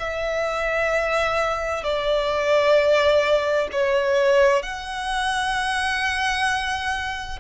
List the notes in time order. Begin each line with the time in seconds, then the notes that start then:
0.00 E5
1.84 D5
3.73 C#5
4.63 F#5